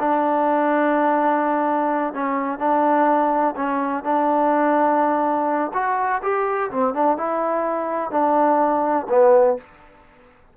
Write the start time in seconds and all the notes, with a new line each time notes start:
0.00 D4
2.14 C#4
2.59 D4
3.56 C#4
4.04 D4
5.74 F#4
6.23 G4
6.71 C4
6.94 D4
7.17 E4
8.11 D4
9.10 B3